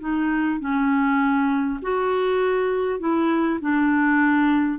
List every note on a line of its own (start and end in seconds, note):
0.00 0.60 D#4
0.60 1.80 C#4
1.82 2.99 F#4
2.99 3.59 E4
3.61 4.79 D4